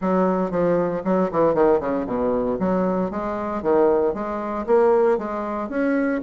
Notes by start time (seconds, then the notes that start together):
0.01 F#3
0.50 F3
1.04 F#3
1.31 E3
1.54 D#3
1.80 C#3
2.06 B2
2.59 F#3
3.11 G#3
3.62 D#3
4.14 G#3
4.66 A#3
5.17 G#3
5.69 C#4